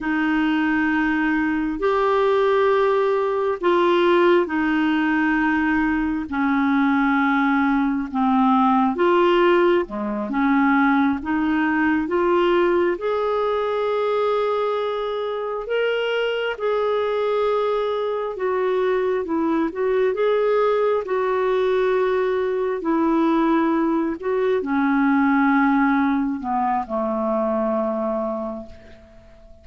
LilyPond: \new Staff \with { instrumentName = "clarinet" } { \time 4/4 \tempo 4 = 67 dis'2 g'2 | f'4 dis'2 cis'4~ | cis'4 c'4 f'4 gis8 cis'8~ | cis'8 dis'4 f'4 gis'4.~ |
gis'4. ais'4 gis'4.~ | gis'8 fis'4 e'8 fis'8 gis'4 fis'8~ | fis'4. e'4. fis'8 cis'8~ | cis'4. b8 a2 | }